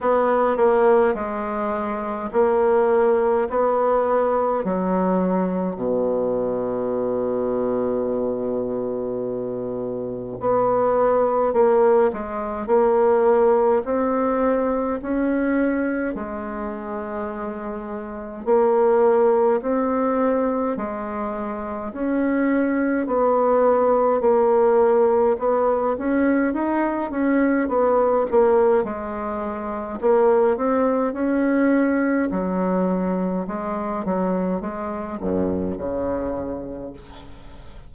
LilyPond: \new Staff \with { instrumentName = "bassoon" } { \time 4/4 \tempo 4 = 52 b8 ais8 gis4 ais4 b4 | fis4 b,2.~ | b,4 b4 ais8 gis8 ais4 | c'4 cis'4 gis2 |
ais4 c'4 gis4 cis'4 | b4 ais4 b8 cis'8 dis'8 cis'8 | b8 ais8 gis4 ais8 c'8 cis'4 | fis4 gis8 fis8 gis8 fis,8 cis4 | }